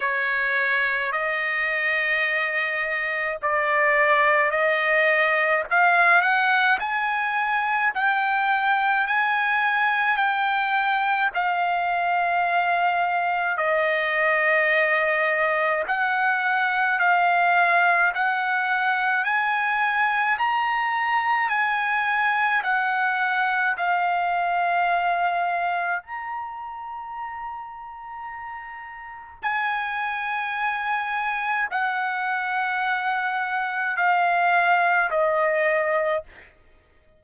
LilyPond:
\new Staff \with { instrumentName = "trumpet" } { \time 4/4 \tempo 4 = 53 cis''4 dis''2 d''4 | dis''4 f''8 fis''8 gis''4 g''4 | gis''4 g''4 f''2 | dis''2 fis''4 f''4 |
fis''4 gis''4 ais''4 gis''4 | fis''4 f''2 ais''4~ | ais''2 gis''2 | fis''2 f''4 dis''4 | }